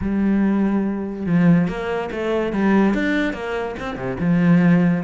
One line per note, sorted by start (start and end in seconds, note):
0.01 1.25 G3
1.25 1.67 F3
1.68 2.10 A#3
2.11 2.52 A3
2.52 2.94 G3
2.94 3.33 D4
3.33 3.75 A#3
3.79 3.96 C4
3.96 4.17 C3
4.19 5.03 F3